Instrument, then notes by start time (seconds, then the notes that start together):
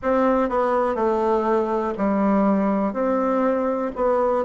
bassoon
0.02 C4
0.49 B3
0.95 A3
1.97 G3
2.92 C4
3.95 B3